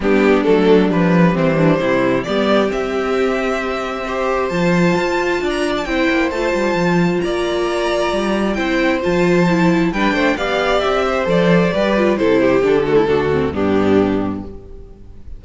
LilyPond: <<
  \new Staff \with { instrumentName = "violin" } { \time 4/4 \tempo 4 = 133 g'4 a'4 b'4 c''4~ | c''4 d''4 e''2~ | e''2 a''2~ | a''16 ais''8 a''16 g''4 a''2 |
ais''2. g''4 | a''2 g''4 f''4 | e''4 d''2 c''4 | a'2 g'2 | }
  \new Staff \with { instrumentName = "violin" } { \time 4/4 d'2. c'8 d'8 | e'4 g'2.~ | g'4 c''2. | d''4 c''2. |
d''2. c''4~ | c''2 b'8 c''8 d''4~ | d''8 c''4. b'4 a'8 g'8~ | g'8 fis'16 e'16 fis'4 d'2 | }
  \new Staff \with { instrumentName = "viola" } { \time 4/4 b4 a4 g2~ | g4 b4 c'2~ | c'4 g'4 f'2~ | f'4 e'4 f'2~ |
f'2. e'4 | f'4 e'4 d'4 g'4~ | g'4 a'4 g'8 f'8 e'4 | d'8 a8 d'8 c'8 b2 | }
  \new Staff \with { instrumentName = "cello" } { \time 4/4 g4 fis4 f4 e4 | c4 g4 c'2~ | c'2 f4 f'4 | d'4 c'8 ais8 a8 g8 f4 |
ais2 g4 c'4 | f2 g8 a8 b4 | c'4 f4 g4 c4 | d4 d,4 g,2 | }
>>